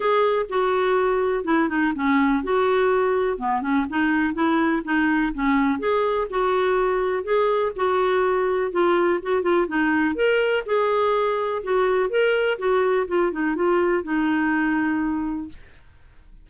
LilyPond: \new Staff \with { instrumentName = "clarinet" } { \time 4/4 \tempo 4 = 124 gis'4 fis'2 e'8 dis'8 | cis'4 fis'2 b8 cis'8 | dis'4 e'4 dis'4 cis'4 | gis'4 fis'2 gis'4 |
fis'2 f'4 fis'8 f'8 | dis'4 ais'4 gis'2 | fis'4 ais'4 fis'4 f'8 dis'8 | f'4 dis'2. | }